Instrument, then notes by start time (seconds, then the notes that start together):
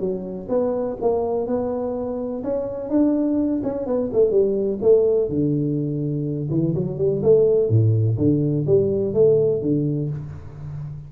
tuba
0.00 F#3
0.50 B3
1.02 A#3
1.47 B3
2.44 C#4
2.90 D4
3.64 C#4
3.87 B3
4.13 A3
4.31 G3
4.82 A3
5.30 D3
6.51 E3
6.75 F#3
6.98 G3
7.23 A3
7.70 A2
8.18 D3
8.67 G3
9.14 A3
9.62 D3